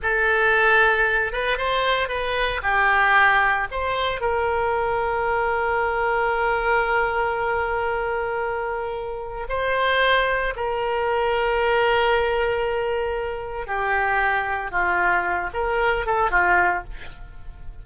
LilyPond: \new Staff \with { instrumentName = "oboe" } { \time 4/4 \tempo 4 = 114 a'2~ a'8 b'8 c''4 | b'4 g'2 c''4 | ais'1~ | ais'1~ |
ais'2 c''2 | ais'1~ | ais'2 g'2 | f'4. ais'4 a'8 f'4 | }